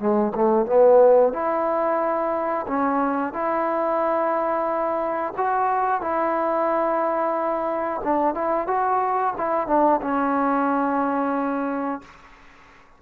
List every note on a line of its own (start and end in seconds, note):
0.00 0.33 G#3
0.35 0.66 A3
0.66 1.33 B3
1.33 2.66 E4
2.68 3.34 C#4
3.34 5.34 E4
5.38 6.02 F#4
6.02 8.02 E4
8.05 8.35 D4
8.35 8.68 E4
8.68 9.34 F#4
9.38 9.67 E4
9.67 10.01 D4
10.02 12.02 C#4